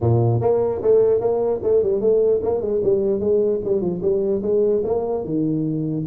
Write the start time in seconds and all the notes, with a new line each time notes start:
0.01 A#2
0.40 A#3
0.82 A3
1.20 A#3
1.63 A3
1.82 G3
2.01 A3
2.42 A#3
2.61 G#3
2.83 G3
3.20 G#3
3.64 G3
3.81 F3
4.02 G3
4.42 G#3
4.84 A#3
5.24 D#3